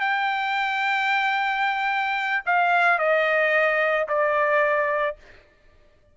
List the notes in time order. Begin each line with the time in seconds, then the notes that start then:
0.00 G5
2.45 F5
2.99 D#5
4.08 D5